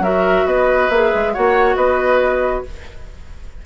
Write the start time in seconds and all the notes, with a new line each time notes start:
0.00 F#3 F#4 A#4 E5
0.46 B3 B4 D#5
0.90 A#3 G#4 E5
1.15 G#3
1.34 A#3 F#4 C#5 F#5
1.76 B3 B4 D#5